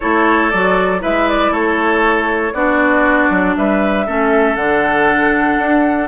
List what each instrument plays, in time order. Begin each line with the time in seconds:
0.00 bassoon A3, clarinet E4, oboe A4, flute C#5
0.50 bassoon F#3, clarinet F#4, flute D5
0.99 bassoon G#3, clarinet E4, oboe B4, flute E5
1.28 flute D5
1.50 bassoon A3, oboe A4, flute C#5
2.53 bassoon B3, clarinet D4, oboe F#4, flute D5
3.30 bassoon F#3
3.56 bassoon G3, oboe B4, flute E5
4.06 bassoon A3, clarinet C#4, oboe A4
4.55 bassoon D3, clarinet D4, flute F#5
5.58 bassoon D4